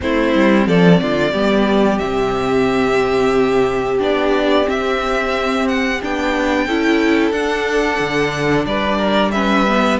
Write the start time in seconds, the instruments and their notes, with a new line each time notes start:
0.00 cello A3, viola C4, violin E4 C5
0.34 cello G3
0.67 cello F3, violin A4 D5
1.00 cello D3, violin F4
1.32 cello G3, viola B3, violin G4
1.98 cello C3, viola C4, violin E5
3.99 cello B3, viola D4, violin D5
4.64 viola C4, cello C4, violin E5
5.68 violin F#5
6.02 cello B3, viola D4, violin G5
6.66 cello C#4, viola E4, violin A4
7.31 cello D4, viola D4, violin F#5
7.99 cello D3
8.65 cello G3, violin B4 D5
8.98 violin A#4
9.31 viola C#4, violin B4 E5
9.67 viola B3